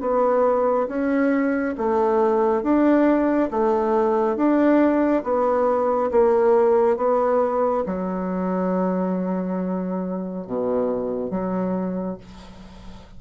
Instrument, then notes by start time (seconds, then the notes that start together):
bassoon
0.00 B3
0.87 C#4
1.77 A3
2.62 D4
3.50 A3
4.36 D4
5.23 B3
6.11 A#3
6.96 B3
7.85 F#3
10.46 B2
11.30 F#3